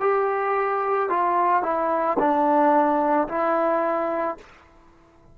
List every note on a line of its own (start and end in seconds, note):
0.00 1.09 G4
1.09 1.63 F4
1.63 2.17 E4
2.19 3.28 D4
3.28 4.37 E4